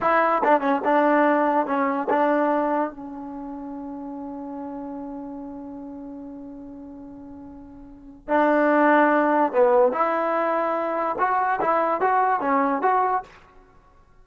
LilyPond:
\new Staff \with { instrumentName = "trombone" } { \time 4/4 \tempo 4 = 145 e'4 d'8 cis'8 d'2 | cis'4 d'2 cis'4~ | cis'1~ | cis'1~ |
cis'1 | d'2. b4 | e'2. fis'4 | e'4 fis'4 cis'4 fis'4 | }